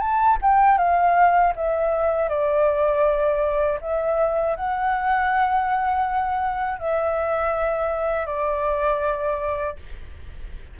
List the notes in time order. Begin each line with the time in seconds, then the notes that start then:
0.00 A5
0.42 G5
0.78 F5
1.56 E5
2.29 D5
3.81 E5
4.56 F#5
6.79 E5
8.26 D5